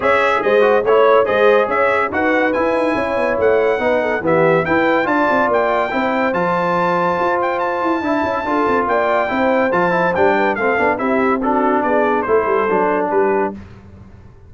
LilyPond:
<<
  \new Staff \with { instrumentName = "trumpet" } { \time 4/4 \tempo 4 = 142 e''4 dis''4 cis''4 dis''4 | e''4 fis''4 gis''2 | fis''2 e''4 g''4 | a''4 g''2 a''4~ |
a''4. g''8 a''2~ | a''4 g''2 a''4 | g''4 f''4 e''4 a'4 | d''4 c''2 b'4 | }
  \new Staff \with { instrumentName = "horn" } { \time 4/4 cis''4 c''4 cis''4 c''4 | cis''4 b'2 cis''4~ | cis''4 b'8 a'8 g'4 b'4 | d''2 c''2~ |
c''2. e''4 | a'4 d''4 c''2~ | c''8 b'8 a'4 g'4 fis'4 | gis'4 a'2 g'4 | }
  \new Staff \with { instrumentName = "trombone" } { \time 4/4 gis'4. fis'8 e'4 gis'4~ | gis'4 fis'4 e'2~ | e'4 dis'4 b4 e'4 | f'2 e'4 f'4~ |
f'2. e'4 | f'2 e'4 f'8 e'8 | d'4 c'8 d'8 e'4 d'4~ | d'4 e'4 d'2 | }
  \new Staff \with { instrumentName = "tuba" } { \time 4/4 cis'4 gis4 a4 gis4 | cis'4 dis'4 e'8 dis'8 cis'8 b8 | a4 b4 e4 e'4 | d'8 c'8 ais4 c'4 f4~ |
f4 f'4. e'8 d'8 cis'8 | d'8 c'8 ais4 c'4 f4 | g4 a8 b8 c'2 | b4 a8 g8 fis4 g4 | }
>>